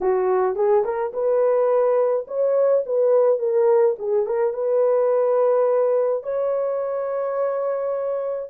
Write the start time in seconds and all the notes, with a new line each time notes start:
0.01 F#4
0.55 G#4
0.84 A#4
1.13 B4
2.27 C#5
2.86 B4
3.39 A#4
3.98 G#4
4.26 A#4
4.53 B4
6.23 C#5